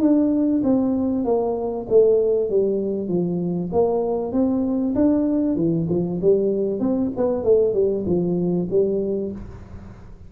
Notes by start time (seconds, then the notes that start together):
0.00 D4
0.63 C4
1.24 A#3
1.89 A3
2.49 G3
3.08 F3
3.72 A#3
4.32 C4
4.95 D4
5.56 E3
5.89 F3
6.21 G3
6.79 C4
7.16 B3
7.44 A3
7.73 G3
8.06 F3
8.70 G3